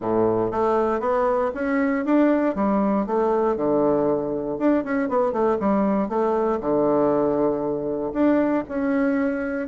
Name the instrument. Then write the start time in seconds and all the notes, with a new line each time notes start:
bassoon
0.00 A2
0.51 A3
1.00 B3
1.54 C#4
2.05 D4
2.55 G3
3.06 A3
3.56 D3
4.58 D4
4.84 C#4
5.08 B3
5.32 A3
5.59 G3
6.08 A3
6.60 D3
8.13 D4
8.68 C#4